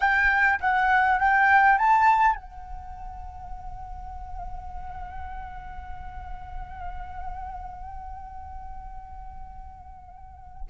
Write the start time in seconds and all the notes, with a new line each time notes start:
0.00 G5
0.60 F#5
1.19 G5
1.77 A5
2.35 F#5